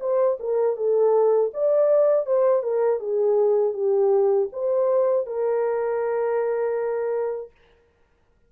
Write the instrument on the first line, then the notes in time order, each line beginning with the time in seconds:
horn
0.00 C5
0.40 A#4
0.76 A4
1.54 D5
2.26 C5
2.63 A#4
2.99 G#4
3.73 G4
4.52 C5
5.26 A#4